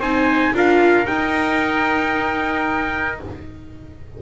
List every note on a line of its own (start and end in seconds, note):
0.00 0.53 C4
0.00 0.55 D#4
0.00 0.53 C5
0.00 0.55 G#5
0.54 1.08 D4
0.54 1.05 F4
0.54 3.22 A#4
0.54 1.07 F5
1.05 3.18 D#4
1.05 3.20 D#4
1.05 3.19 G5